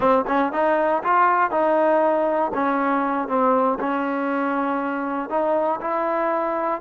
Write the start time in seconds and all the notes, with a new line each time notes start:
0.00 C4
0.27 C#4
0.52 D#4
1.03 F4
1.50 D#4
2.53 C#4
3.28 C4
3.79 C#4
5.29 D#4
5.81 E4